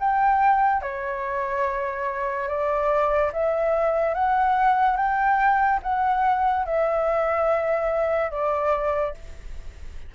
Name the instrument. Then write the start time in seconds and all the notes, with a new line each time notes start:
flute
0.00 G5
0.82 C#5
2.48 D5
3.33 E5
4.14 F#5
4.97 G5
5.83 F#5
6.66 E5
8.31 D5